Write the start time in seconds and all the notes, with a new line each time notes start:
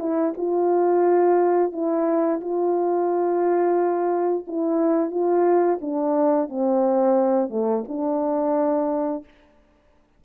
0.00 E4
0.37 F4
1.73 E4
2.41 F4
4.48 E4
5.11 F4
5.81 D4
6.50 C4
7.50 A3
7.88 D4